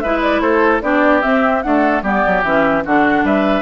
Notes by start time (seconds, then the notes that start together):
0.00 G#3 E4 B4 E5
0.22 D5
0.41 A3 A4 C5
0.82 B3 D4 G4 D5
1.22 C4 E5
1.63 A3 D4 A4 F#5
2.03 G3 B3 G4 D5
2.27 F#3
2.44 E3 C#4 E5
2.85 D3 D4 F#4 F#5
3.24 G3 B4 E5